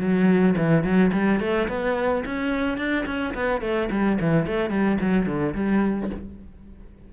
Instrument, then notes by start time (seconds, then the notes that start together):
cello
0.00 F#3
0.58 E3
0.84 F#3
1.13 G3
1.40 A3
1.69 B3
2.26 C#4
2.78 D4
3.07 C#4
3.35 B3
3.62 A3
3.91 G3
4.21 E3
4.47 A3
4.70 G3
5.01 F#3
5.27 D3
5.55 G3